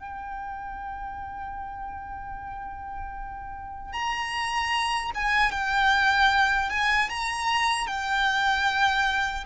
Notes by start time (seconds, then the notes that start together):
0.00 G5
3.93 A#5
5.15 G#5
5.52 G5
6.70 G#5
7.09 A#5
7.87 G5